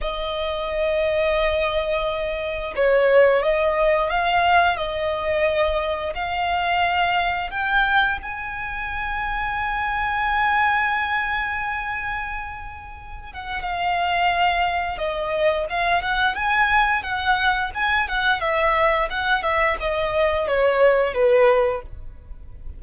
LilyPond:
\new Staff \with { instrumentName = "violin" } { \time 4/4 \tempo 4 = 88 dis''1 | cis''4 dis''4 f''4 dis''4~ | dis''4 f''2 g''4 | gis''1~ |
gis''2.~ gis''8 fis''8 | f''2 dis''4 f''8 fis''8 | gis''4 fis''4 gis''8 fis''8 e''4 | fis''8 e''8 dis''4 cis''4 b'4 | }